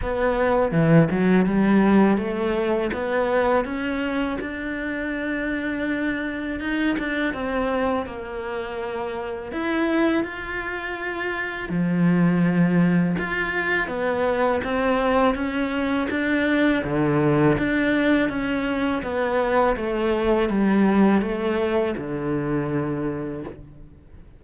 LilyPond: \new Staff \with { instrumentName = "cello" } { \time 4/4 \tempo 4 = 82 b4 e8 fis8 g4 a4 | b4 cis'4 d'2~ | d'4 dis'8 d'8 c'4 ais4~ | ais4 e'4 f'2 |
f2 f'4 b4 | c'4 cis'4 d'4 d4 | d'4 cis'4 b4 a4 | g4 a4 d2 | }